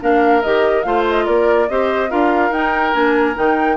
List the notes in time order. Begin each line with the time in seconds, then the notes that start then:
0.00 A#3 D4 A#4 F5
0.42 D#3 G4 D#5
0.82 A3 F4 C5 F5
1.09 D#5
1.24 A#3 A#4 D5
1.68 C4 G4 C5 D#5
2.09 D4 F4 A#4 F5
2.50 D#4 G5
2.93 A#3 D4 G#5
3.34 D#3 D#4 G5